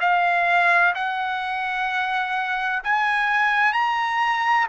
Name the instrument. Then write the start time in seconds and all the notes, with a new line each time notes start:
trumpet
0.00 F5
0.94 F#5
2.83 G#5
3.72 A#5